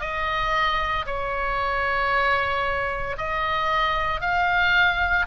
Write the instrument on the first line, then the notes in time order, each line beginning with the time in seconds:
oboe
0.00 D#5
1.06 C#5
3.17 D#5
4.21 F5